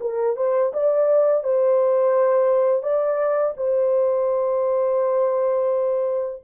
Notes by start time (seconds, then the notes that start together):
0.00 A#4
0.36 C5
0.73 D5
1.43 C5
2.82 D5
3.56 C5